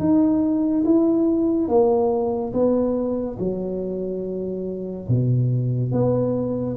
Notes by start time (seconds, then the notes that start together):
0.00 D#4
0.85 E4
1.69 A#3
2.54 B3
3.39 F#3
5.09 B2
5.92 B3